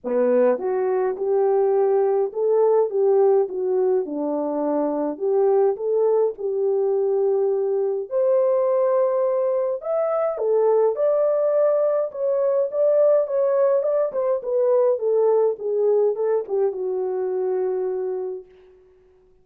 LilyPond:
\new Staff \with { instrumentName = "horn" } { \time 4/4 \tempo 4 = 104 b4 fis'4 g'2 | a'4 g'4 fis'4 d'4~ | d'4 g'4 a'4 g'4~ | g'2 c''2~ |
c''4 e''4 a'4 d''4~ | d''4 cis''4 d''4 cis''4 | d''8 c''8 b'4 a'4 gis'4 | a'8 g'8 fis'2. | }